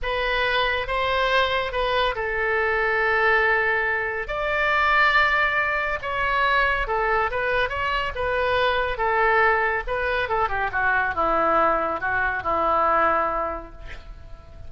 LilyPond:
\new Staff \with { instrumentName = "oboe" } { \time 4/4 \tempo 4 = 140 b'2 c''2 | b'4 a'2.~ | a'2 d''2~ | d''2 cis''2 |
a'4 b'4 cis''4 b'4~ | b'4 a'2 b'4 | a'8 g'8 fis'4 e'2 | fis'4 e'2. | }